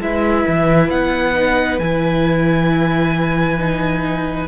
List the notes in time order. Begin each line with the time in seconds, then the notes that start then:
0.00 G#3 E4 B4 E5
0.48 E3
0.90 B3 F#5
1.35 D#4
1.79 E3 E4 G#5
3.58 D#4